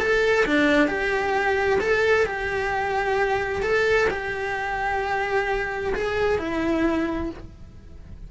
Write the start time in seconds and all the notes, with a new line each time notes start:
0.00 A4
0.46 D4
0.88 G4
1.81 A4
2.27 G4
3.63 A4
4.11 G4
5.95 G#4
6.39 E4